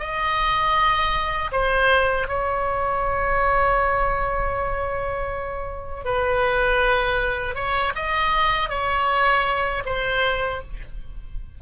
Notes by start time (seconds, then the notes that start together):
0.00 D#5
1.53 C5
2.28 C#5
6.05 B4
7.56 C#5
7.96 D#5
8.70 C#5
9.86 C5